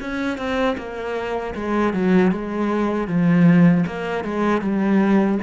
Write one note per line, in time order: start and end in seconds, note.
0.00 0.37 C#4
0.37 0.76 C4
0.77 1.54 A#3
1.55 1.93 G#3
1.93 2.31 F#3
2.31 3.07 G#3
3.07 3.84 F3
3.86 4.24 A#3
4.24 4.61 G#3
4.61 5.38 G3